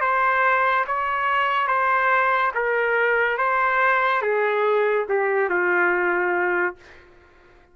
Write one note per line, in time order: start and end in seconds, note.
0.00 0.85 C5
0.86 1.67 C#5
1.67 2.52 C5
2.54 3.38 A#4
3.38 4.21 C5
4.21 5.06 G#4
5.09 5.49 G4
5.49 6.76 F4